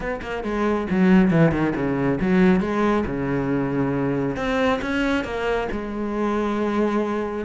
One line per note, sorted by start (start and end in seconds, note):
0.00 0.20 B3
0.21 0.43 A#3
0.43 0.87 G#3
0.90 1.31 F#3
1.31 1.51 E3
1.51 1.73 D#3
1.75 2.19 C#3
2.20 2.60 F#3
2.60 3.04 G#3
3.06 4.36 C#3
4.36 4.80 C4
4.81 5.24 C#4
5.24 5.68 A#3
5.71 7.45 G#3